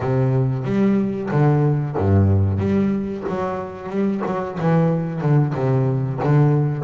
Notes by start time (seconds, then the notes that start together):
0.00 C3
0.64 G3
1.30 D3
1.97 G2
2.58 G3
3.28 F#3
3.89 G3
4.26 F#3
4.59 E3
5.21 D3
5.54 C3
6.23 D3